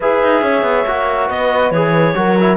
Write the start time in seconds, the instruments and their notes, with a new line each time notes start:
0.00 cello E4, trombone G#4, horn B4, clarinet E5
0.22 cello D#4
0.41 cello C#4, horn C#5
0.62 cello B3
0.87 cello A#3, trombone F#4
1.27 cello B3, horn B4, clarinet D#5
1.70 cello E3, trombone G#4, clarinet C#5
2.14 cello F#3, trombone F#4, horn A#4
2.39 trombone E4